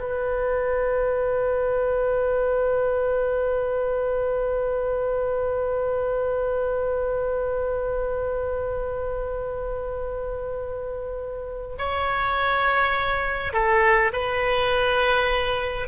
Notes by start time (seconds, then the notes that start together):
0.00 B4
11.79 C#5
13.53 A4
14.13 B4